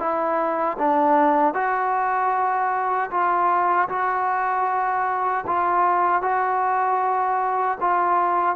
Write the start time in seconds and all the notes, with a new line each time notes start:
0.00 E4
0.79 D4
1.55 F#4
3.11 F4
3.90 F#4
5.47 F4
6.23 F#4
7.81 F4